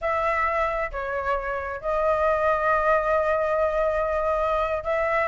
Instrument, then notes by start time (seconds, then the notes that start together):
flute
0.01 E5
0.91 C#5
1.80 D#5
4.83 E5